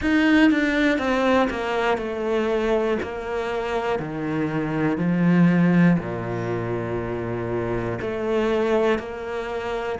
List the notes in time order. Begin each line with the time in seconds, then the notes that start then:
0.00 D#4
0.50 D4
0.98 C4
1.50 A#3
1.97 A3
3.02 A#3
3.99 D#3
4.97 F3
5.99 A#2
8.00 A3
8.98 A#3